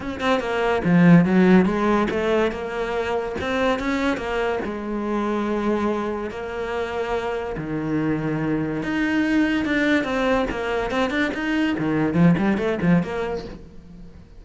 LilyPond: \new Staff \with { instrumentName = "cello" } { \time 4/4 \tempo 4 = 143 cis'8 c'8 ais4 f4 fis4 | gis4 a4 ais2 | c'4 cis'4 ais4 gis4~ | gis2. ais4~ |
ais2 dis2~ | dis4 dis'2 d'4 | c'4 ais4 c'8 d'8 dis'4 | dis4 f8 g8 a8 f8 ais4 | }